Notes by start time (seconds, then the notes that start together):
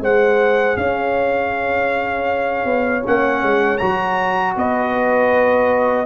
0.00 G#3 G#4 C5 F#5
0.77 C#4 C#5 F5
2.65 B3
3.03 A#3 C#4 F#5
3.43 G#3
3.78 F#3 F#4 A#5
4.56 B3 B4 D#5